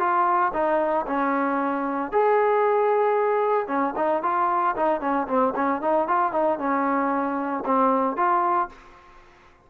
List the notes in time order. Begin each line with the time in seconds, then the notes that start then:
0.00 F4
0.54 D#4
1.07 C#4
2.12 G#4
3.68 C#4
3.97 D#4
4.23 F4
4.77 D#4
5.01 C#4
5.28 C4
5.56 C#4
5.82 D#4
6.08 F4
6.33 D#4
6.59 C#4
7.66 C4
8.17 F4